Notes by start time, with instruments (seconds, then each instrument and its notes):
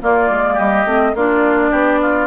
0.00 clarinet A#3, bassoon A#3, oboe F4, flute D5
0.29 bassoon G#3
0.53 bassoon G3, oboe G4, flute D#5
0.85 bassoon A3, clarinet C4
1.14 bassoon A#3, clarinet D4, oboe F4, flute D5
1.70 bassoon B3, oboe G4
2.01 oboe F4